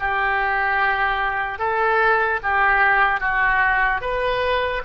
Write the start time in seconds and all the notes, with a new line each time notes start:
0.00 G4
1.59 A4
2.43 G4
3.21 F#4
4.01 B4